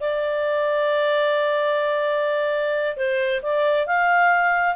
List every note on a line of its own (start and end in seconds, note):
0.00 2.97 D5
2.97 3.41 C5
3.42 3.86 D5
3.86 4.75 F5